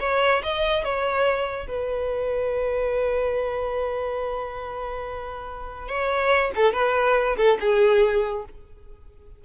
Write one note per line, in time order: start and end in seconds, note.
0.00 0.42 C#5
0.43 0.84 D#5
0.84 1.67 C#5
1.67 5.88 B4
5.88 6.52 C#5
6.56 6.73 A4
6.73 7.37 B4
7.37 7.58 A4
7.60 8.45 G#4